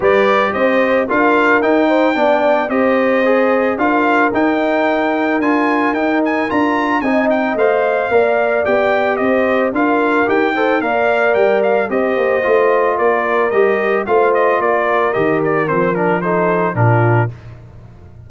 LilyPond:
<<
  \new Staff \with { instrumentName = "trumpet" } { \time 4/4 \tempo 4 = 111 d''4 dis''4 f''4 g''4~ | g''4 dis''2 f''4 | g''2 gis''4 g''8 gis''8 | ais''4 gis''8 g''8 f''2 |
g''4 dis''4 f''4 g''4 | f''4 g''8 f''8 dis''2 | d''4 dis''4 f''8 dis''8 d''4 | dis''8 d''8 c''8 ais'8 c''4 ais'4 | }
  \new Staff \with { instrumentName = "horn" } { \time 4/4 b'4 c''4 ais'4. c''8 | d''4 c''2 ais'4~ | ais'1~ | ais'4 dis''2 d''4~ |
d''4 c''4 ais'4. c''8 | d''2 c''2 | ais'2 c''4 ais'4~ | ais'2 a'4 f'4 | }
  \new Staff \with { instrumentName = "trombone" } { \time 4/4 g'2 f'4 dis'4 | d'4 g'4 gis'4 f'4 | dis'2 f'4 dis'4 | f'4 dis'4 c''4 ais'4 |
g'2 f'4 g'8 a'8 | ais'2 g'4 f'4~ | f'4 g'4 f'2 | g'4 c'8 d'8 dis'4 d'4 | }
  \new Staff \with { instrumentName = "tuba" } { \time 4/4 g4 c'4 d'4 dis'4 | b4 c'2 d'4 | dis'2 d'4 dis'4 | d'4 c'4 a4 ais4 |
b4 c'4 d'4 dis'4 | ais4 g4 c'8 ais8 a4 | ais4 g4 a4 ais4 | dis4 f2 ais,4 | }
>>